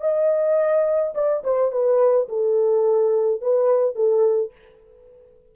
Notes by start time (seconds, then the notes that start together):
0.00 D#5
1.14 D5
1.43 C5
1.71 B4
2.28 A4
3.41 B4
3.95 A4